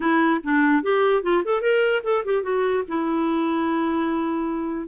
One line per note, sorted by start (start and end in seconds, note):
0.00 0.41 E4
0.43 0.82 D4
0.82 1.22 G4
1.22 1.43 F4
1.44 1.61 A4
1.61 2.02 A#4
2.03 2.24 A4
2.24 2.42 G4
2.42 2.83 F#4
2.87 4.87 E4